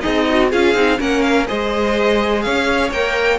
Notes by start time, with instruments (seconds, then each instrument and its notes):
0.00 cello C4, violin D#4 D#5, viola G#4
0.29 viola F#4
0.49 cello C#4, viola F4, violin G#4 F5
0.74 cello C4, viola D#4
0.98 cello A#3, viola C#4, violin A#4 F#5
1.21 violin F5
1.46 cello G#3, viola G#4, violin C5 D#5
2.42 cello C#4, violin C#5 F5
2.91 cello A#3, viola A#4, violin G5